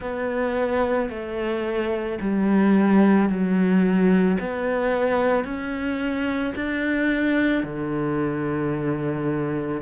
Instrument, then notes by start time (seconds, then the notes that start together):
cello
0.00 B3
1.09 A3
2.20 G3
3.29 F#3
4.40 B3
5.44 C#4
6.55 D4
7.63 D3